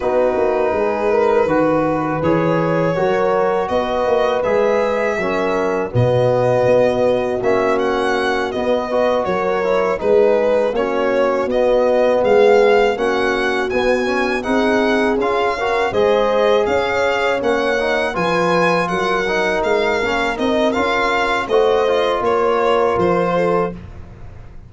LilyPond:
<<
  \new Staff \with { instrumentName = "violin" } { \time 4/4 \tempo 4 = 81 b'2. cis''4~ | cis''4 dis''4 e''2 | dis''2 e''8 fis''4 dis''8~ | dis''8 cis''4 b'4 cis''4 dis''8~ |
dis''8 f''4 fis''4 gis''4 fis''8~ | fis''8 f''4 dis''4 f''4 fis''8~ | fis''8 gis''4 fis''4 f''4 dis''8 | f''4 dis''4 cis''4 c''4 | }
  \new Staff \with { instrumentName = "horn" } { \time 4/4 fis'4 gis'8 ais'8 b'2 | ais'4 b'2 ais'4 | fis'1 | b'8 ais'4 gis'4 fis'4.~ |
fis'8 gis'4 fis'2 gis'8~ | gis'4 ais'8 c''4 cis''4.~ | cis''8 b'4 ais'2~ ais'8~ | ais'4 c''4 ais'4. a'8 | }
  \new Staff \with { instrumentName = "trombone" } { \time 4/4 dis'2 fis'4 gis'4 | fis'2 gis'4 cis'4 | b2 cis'4. b8 | fis'4 e'8 dis'4 cis'4 b8~ |
b4. cis'4 b8 cis'8 dis'8~ | dis'8 f'8 fis'8 gis'2 cis'8 | dis'8 f'4. dis'4 cis'8 dis'8 | f'4 fis'8 f'2~ f'8 | }
  \new Staff \with { instrumentName = "tuba" } { \time 4/4 b8 ais8 gis4 dis4 e4 | fis4 b8 ais8 gis4 fis4 | b,4 b4 ais4. b8~ | b8 fis4 gis4 ais4 b8~ |
b8 gis4 ais4 b4 c'8~ | c'8 cis'4 gis4 cis'4 ais8~ | ais8 f4 fis4 gis8 ais8 c'8 | cis'4 a4 ais4 f4 | }
>>